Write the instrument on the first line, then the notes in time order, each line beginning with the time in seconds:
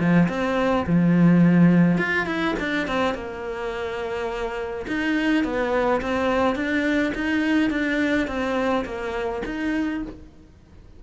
cello
0.00 F3
0.29 C4
0.87 F3
1.98 F4
2.26 E4
2.59 D4
2.88 C4
3.15 A#3
4.88 D#4
5.44 B3
6.02 C4
6.56 D4
7.15 D#4
7.70 D4
8.28 C4
8.85 A#3
9.46 D#4